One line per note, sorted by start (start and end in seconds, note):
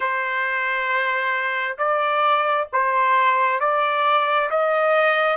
0.00 1.77 C5
1.78 2.67 D5
2.72 3.60 C5
3.60 4.49 D5
4.50 5.36 D#5